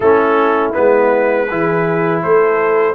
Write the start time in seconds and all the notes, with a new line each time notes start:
0.00 A3 C#4 E4 A4
0.73 G#3 B3 B4
1.48 E3 E4 G#4
2.22 A3 A4 C5